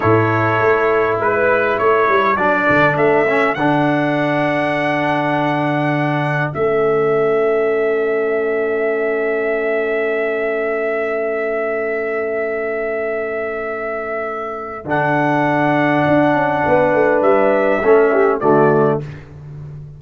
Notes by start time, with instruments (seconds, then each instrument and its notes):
0.00 tuba A2, trombone E4, horn A4, trumpet C#5
0.59 tuba A3
1.18 tuba G#3, trumpet B4, horn B4
1.78 tuba A3, horn A4, trumpet C#5
2.08 tuba G3
2.36 tuba F#3, trombone D4, trumpet D5
2.69 tuba D3
2.96 tuba A3, trumpet E5
3.26 trombone C#4
3.54 tuba D3, trombone D4, trumpet F#5
6.53 tuba A3, trombone C#4, trumpet E5
14.85 tuba D3, trombone D4, trumpet F#5
16.07 tuba D4
16.33 tuba C#4
16.65 tuba B3, horn B4
16.93 tuba A3
17.21 tuba G3, trumpet E5
17.83 tuba A3, trombone C#4, horn A4
18.12 horn G4
18.40 tuba D3, trombone A3, horn F#4, trumpet D5